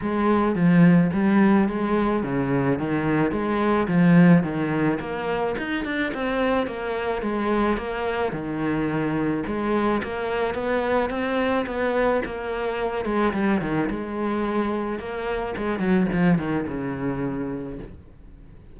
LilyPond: \new Staff \with { instrumentName = "cello" } { \time 4/4 \tempo 4 = 108 gis4 f4 g4 gis4 | cis4 dis4 gis4 f4 | dis4 ais4 dis'8 d'8 c'4 | ais4 gis4 ais4 dis4~ |
dis4 gis4 ais4 b4 | c'4 b4 ais4. gis8 | g8 dis8 gis2 ais4 | gis8 fis8 f8 dis8 cis2 | }